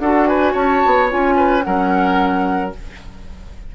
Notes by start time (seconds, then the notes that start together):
0.00 D4 F#4 A4 F#5
0.27 B4 G#5
0.53 C#4 C#5 A5
0.86 B3
1.09 C#4 F4 G#5
1.37 B4
1.62 F#3 C#4 A#4 F#5